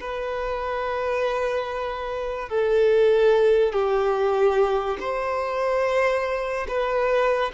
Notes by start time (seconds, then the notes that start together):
0.00 B4
2.48 A4
3.72 G4
5.00 C5
6.68 B4